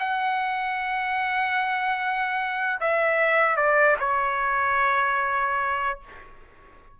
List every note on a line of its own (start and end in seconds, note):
0.00 2.80 F#5
2.81 3.56 E5
3.56 3.96 D5
4.00 6.00 C#5